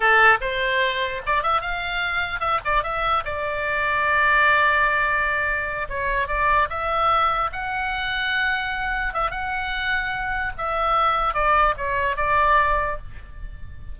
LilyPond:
\new Staff \with { instrumentName = "oboe" } { \time 4/4 \tempo 4 = 148 a'4 c''2 d''8 e''8 | f''2 e''8 d''8 e''4 | d''1~ | d''2~ d''8 cis''4 d''8~ |
d''8 e''2 fis''4.~ | fis''2~ fis''8 e''8 fis''4~ | fis''2 e''2 | d''4 cis''4 d''2 | }